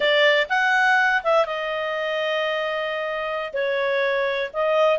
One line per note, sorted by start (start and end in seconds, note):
0.00 0.46 D5
0.49 1.22 F#5
1.23 1.45 E5
1.45 3.53 D#5
3.53 4.50 C#5
4.53 4.99 D#5